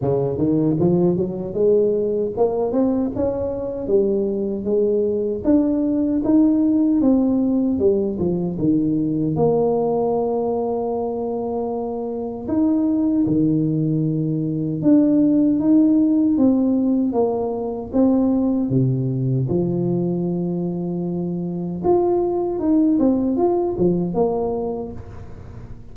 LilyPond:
\new Staff \with { instrumentName = "tuba" } { \time 4/4 \tempo 4 = 77 cis8 dis8 f8 fis8 gis4 ais8 c'8 | cis'4 g4 gis4 d'4 | dis'4 c'4 g8 f8 dis4 | ais1 |
dis'4 dis2 d'4 | dis'4 c'4 ais4 c'4 | c4 f2. | f'4 dis'8 c'8 f'8 f8 ais4 | }